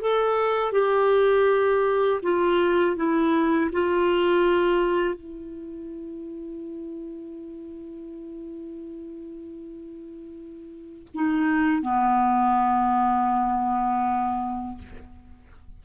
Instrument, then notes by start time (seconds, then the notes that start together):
clarinet
0.00 A4
0.72 G4
2.22 F4
2.96 E4
3.72 F4
5.14 E4
11.14 D#4
11.81 B3